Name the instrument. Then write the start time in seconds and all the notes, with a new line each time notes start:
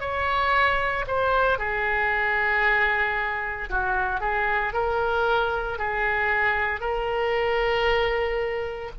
oboe
0.00 C#5
1.07 C5
1.59 G#4
3.70 F#4
4.21 G#4
4.73 A#4
5.78 G#4
6.80 A#4